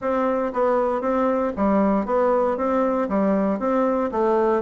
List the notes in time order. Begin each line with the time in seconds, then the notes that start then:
0.01 C4
0.53 B3
1.01 C4
1.56 G3
2.05 B3
2.57 C4
3.08 G3
3.59 C4
4.11 A3